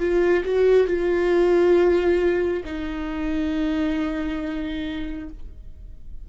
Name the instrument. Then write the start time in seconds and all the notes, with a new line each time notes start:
viola
0.00 F4
0.45 F#4
0.87 F4
2.65 D#4